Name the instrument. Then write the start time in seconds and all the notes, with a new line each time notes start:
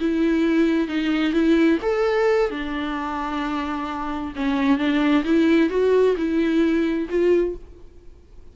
viola
0.00 E4
0.88 D#4
1.33 E4
1.82 A4
2.51 D4
4.36 C#4
4.78 D4
5.25 E4
5.70 F#4
6.17 E4
7.10 F4